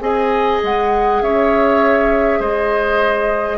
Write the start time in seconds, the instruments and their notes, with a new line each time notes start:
0.00 bassoon C4, clarinet G#4, oboe D#5, flute G#5
0.63 bassoon G#3, flute F#5
1.21 bassoon C#4, oboe C#5, flute E5
2.39 bassoon G#3, oboe C5, flute D#5